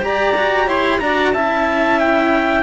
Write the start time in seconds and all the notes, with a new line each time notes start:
0.00 G4 D5 A#5
0.37 F#4
0.66 E4 C#5 C6
1.00 D4 F#4 D5 A#5
1.33 C#4 E4 E5 A5
1.99 G5